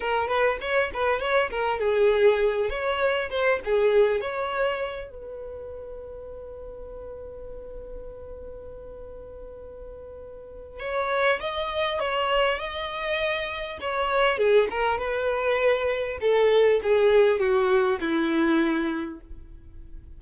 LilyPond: \new Staff \with { instrumentName = "violin" } { \time 4/4 \tempo 4 = 100 ais'8 b'8 cis''8 b'8 cis''8 ais'8 gis'4~ | gis'8 cis''4 c''8 gis'4 cis''4~ | cis''8 b'2.~ b'8~ | b'1~ |
b'2 cis''4 dis''4 | cis''4 dis''2 cis''4 | gis'8 ais'8 b'2 a'4 | gis'4 fis'4 e'2 | }